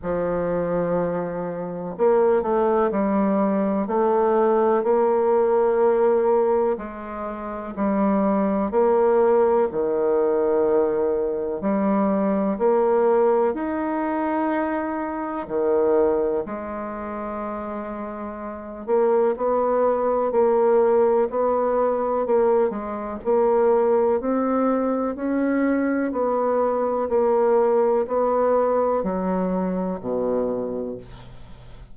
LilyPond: \new Staff \with { instrumentName = "bassoon" } { \time 4/4 \tempo 4 = 62 f2 ais8 a8 g4 | a4 ais2 gis4 | g4 ais4 dis2 | g4 ais4 dis'2 |
dis4 gis2~ gis8 ais8 | b4 ais4 b4 ais8 gis8 | ais4 c'4 cis'4 b4 | ais4 b4 fis4 b,4 | }